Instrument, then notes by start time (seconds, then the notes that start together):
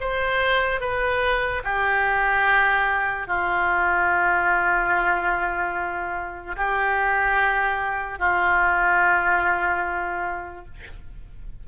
oboe
0.00 C5
0.80 B4
1.64 G4
3.27 F4
6.56 G4
8.19 F4